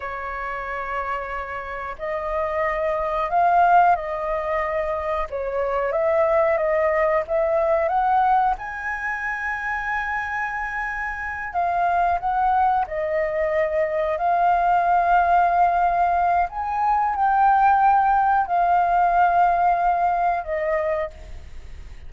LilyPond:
\new Staff \with { instrumentName = "flute" } { \time 4/4 \tempo 4 = 91 cis''2. dis''4~ | dis''4 f''4 dis''2 | cis''4 e''4 dis''4 e''4 | fis''4 gis''2.~ |
gis''4. f''4 fis''4 dis''8~ | dis''4. f''2~ f''8~ | f''4 gis''4 g''2 | f''2. dis''4 | }